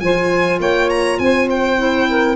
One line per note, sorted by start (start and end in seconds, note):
0.00 0.59 F3
0.00 1.78 F4
0.00 0.60 C5
0.00 0.59 G#5
0.60 1.19 A#3
0.60 1.19 C#5
0.60 0.90 G5
0.90 1.19 A#5
1.19 2.36 C4
1.19 2.09 C5
1.19 1.48 G#5
1.50 2.36 G5
1.78 2.36 E4
2.09 2.36 A#4